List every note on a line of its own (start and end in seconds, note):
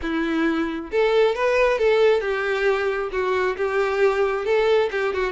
0.02 0.91 E4
0.91 1.35 A4
1.35 1.78 B4
1.78 2.20 A4
2.20 3.09 G4
3.12 3.56 F#4
3.56 4.45 G4
4.45 4.89 A4
4.91 5.13 G4
5.13 5.32 F#4